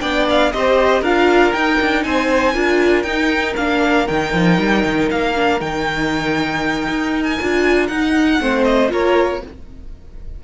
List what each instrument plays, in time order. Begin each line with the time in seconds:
0.00 cello B3, viola D4, violin D5 G5
0.30 violin F5
0.51 cello C4, viola G4, violin C5 D#5
1.01 cello D4, viola F4, violin A#4 F5
1.52 cello D#4, viola D#4, violin G5
1.80 cello D4
2.03 cello C4, violin C5 G#5
2.53 cello D4, viola F4, violin A#4
3.02 cello D#4, viola D#4, violin G5
3.56 cello A#3, viola D4, violin F5
4.07 cello D#3, viola D#4, violin G5
4.33 cello F3
4.59 cello G3
4.85 cello D#3
5.10 cello A#3, violin F5
5.35 viola D4
5.60 cello D#3, viola D#4, violin G5
6.88 cello D#4
7.23 violin G#5
7.39 cello D4, viola F4
7.87 cello D#4, viola D#4, violin F#5
8.40 cello A3, viola C4, violin C5
8.63 violin D#5
8.88 cello A#3, viola F4, violin A#4 C#5